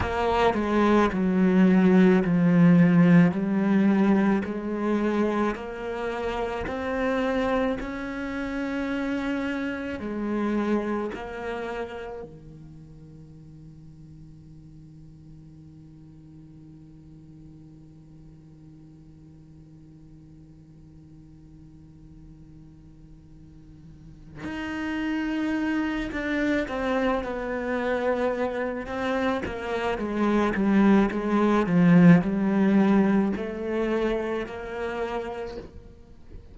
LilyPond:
\new Staff \with { instrumentName = "cello" } { \time 4/4 \tempo 4 = 54 ais8 gis8 fis4 f4 g4 | gis4 ais4 c'4 cis'4~ | cis'4 gis4 ais4 dis4~ | dis1~ |
dis1~ | dis2 dis'4. d'8 | c'8 b4. c'8 ais8 gis8 g8 | gis8 f8 g4 a4 ais4 | }